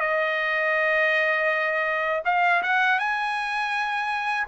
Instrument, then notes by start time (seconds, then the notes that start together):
trumpet
0.00 D#5
2.25 F5
2.62 F#5
2.99 G#5